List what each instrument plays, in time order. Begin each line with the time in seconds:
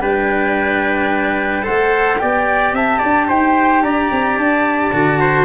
0.00 tuba G3, cello D4, trumpet B4, flute G5
1.62 tuba A3, cello A4, trumpet C5, flute F#5
2.18 tuba B3, cello G4, trumpet D5, flute G5
2.72 tuba C4, trumpet E5, flute A5
2.98 tuba D4, trumpet D5
3.28 tuba D#4, trumpet C5, flute G5
3.82 tuba D4, trumpet D5, flute A#5
4.11 tuba C4
4.37 tuba D4, flute A5
4.92 tuba D3, cello F#4
5.20 trumpet C5